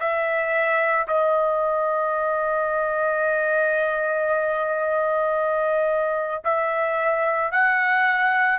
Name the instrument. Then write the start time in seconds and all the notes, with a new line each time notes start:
trumpet
0.00 E5
1.08 D#5
6.44 E5
7.51 F#5